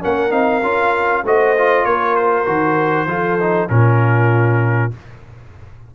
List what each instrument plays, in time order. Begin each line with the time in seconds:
0.00 tuba A#3, trombone C#4, horn A#4, trumpet F#5
0.30 tuba C4, trombone D#4, trumpet F5
0.62 tuba C#4, trombone F4
1.24 tuba A3, trombone F#4, horn C5, trumpet D#5
1.57 trombone F4
1.85 tuba A#3, horn A#4, trumpet C#5
2.15 trumpet C5
2.45 tuba D#3, trombone F#4
3.06 tuba F3, trombone F4, horn A4
3.40 trombone D#4
3.68 tuba A#2, trombone C#4, horn F4, trumpet A#4